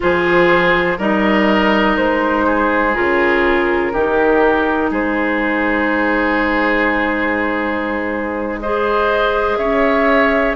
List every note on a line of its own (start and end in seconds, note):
0.00 0.98 F3
0.00 0.97 F4
0.00 0.98 G#4
0.00 0.99 C5
0.98 1.97 G3
0.98 2.94 D#4
0.98 2.45 A#4
0.98 1.97 D#5
1.97 2.96 G#3
1.97 2.95 C5
2.46 3.92 G#4
2.94 3.93 C#3
2.94 3.92 F4
2.94 4.91 A#4
3.92 4.91 D#3
3.92 8.62 D#4
3.92 4.90 G4
4.90 9.58 G#3
4.90 8.59 G#4
4.90 8.60 C5
8.60 10.55 G#4
8.60 9.58 C5
8.60 9.56 D#5
9.56 10.55 C#4
9.56 10.55 C#5
9.56 10.55 E5